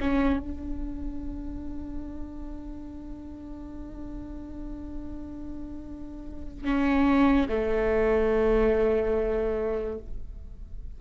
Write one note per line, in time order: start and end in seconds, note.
0.00 0.39 C#4
0.39 6.64 D4
6.64 7.47 C#4
7.48 9.98 A3